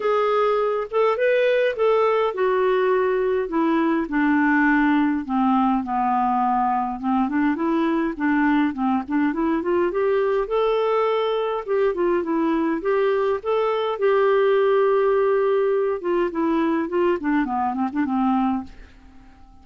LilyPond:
\new Staff \with { instrumentName = "clarinet" } { \time 4/4 \tempo 4 = 103 gis'4. a'8 b'4 a'4 | fis'2 e'4 d'4~ | d'4 c'4 b2 | c'8 d'8 e'4 d'4 c'8 d'8 |
e'8 f'8 g'4 a'2 | g'8 f'8 e'4 g'4 a'4 | g'2.~ g'8 f'8 | e'4 f'8 d'8 b8 c'16 d'16 c'4 | }